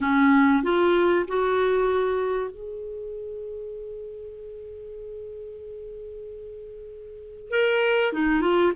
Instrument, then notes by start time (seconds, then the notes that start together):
clarinet
0.01 C#4
0.62 F4
1.27 F#4
2.51 G#4
7.50 A#4
8.12 D#4
8.41 F4